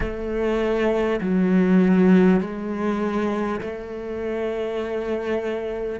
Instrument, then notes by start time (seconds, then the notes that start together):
cello
0.00 A3
1.20 F#3
2.40 G#3
3.61 A3